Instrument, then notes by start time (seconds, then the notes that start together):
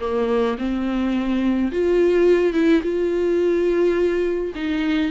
viola
0.00 A#3
0.58 C4
1.72 F4
2.53 E4
2.83 F4
4.55 D#4